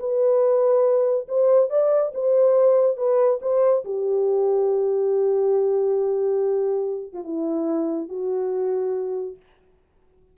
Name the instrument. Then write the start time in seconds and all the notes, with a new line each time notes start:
horn
0.00 B4
1.28 C5
1.70 D5
2.15 C5
2.97 B4
3.42 C5
3.85 G4
7.14 F4
7.24 E4
8.09 F#4